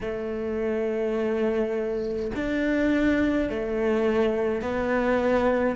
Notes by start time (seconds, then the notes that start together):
0.01 A3
2.34 D4
3.49 A3
4.61 B3